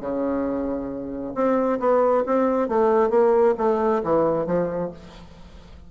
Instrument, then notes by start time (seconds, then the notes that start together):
bassoon
0.00 C#3
1.35 C4
1.79 B3
2.25 C4
2.68 A3
3.10 A#3
3.57 A3
4.03 E3
4.46 F3